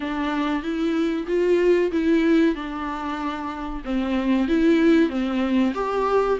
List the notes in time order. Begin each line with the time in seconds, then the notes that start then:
0.00 D4
0.62 E4
1.27 F4
1.91 E4
2.55 D4
3.84 C4
4.48 E4
5.09 C4
5.74 G4